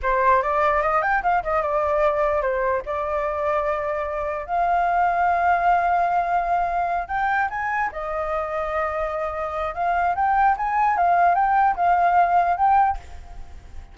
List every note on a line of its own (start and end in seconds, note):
0.02 0.42 C5
0.42 0.82 D5
0.82 1.02 D#5
1.02 1.22 G5
1.22 1.42 F5
1.43 1.62 D#5
1.62 2.41 D5
2.41 2.82 C5
2.85 4.46 D5
4.46 7.08 F5
7.08 7.48 G5
7.50 7.90 G#5
7.92 9.74 D#5
9.74 10.14 F5
10.15 10.56 G5
10.57 10.97 G#5
10.97 11.35 F5
11.35 11.75 G5
11.76 12.56 F5
12.56 12.97 G5